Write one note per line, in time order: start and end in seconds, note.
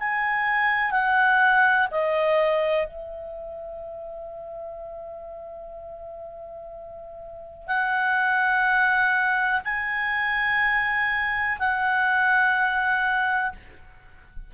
0.00 0.91 G#5
0.91 1.88 F#5
1.91 2.88 D#5
2.88 7.68 E5
7.68 9.61 F#5
9.65 11.59 G#5
11.60 13.53 F#5